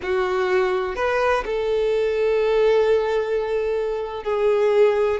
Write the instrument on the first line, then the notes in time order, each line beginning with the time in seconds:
violin
0.02 F#4
0.95 B4
1.45 A4
4.23 G#4